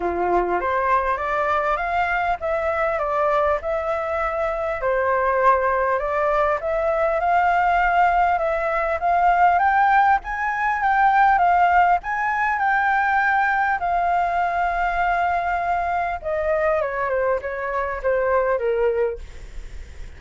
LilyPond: \new Staff \with { instrumentName = "flute" } { \time 4/4 \tempo 4 = 100 f'4 c''4 d''4 f''4 | e''4 d''4 e''2 | c''2 d''4 e''4 | f''2 e''4 f''4 |
g''4 gis''4 g''4 f''4 | gis''4 g''2 f''4~ | f''2. dis''4 | cis''8 c''8 cis''4 c''4 ais'4 | }